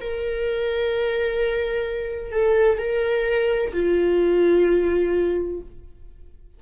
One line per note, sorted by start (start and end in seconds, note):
0.00 2.31 A#4
2.31 2.78 A4
2.78 3.72 A#4
3.73 5.60 F4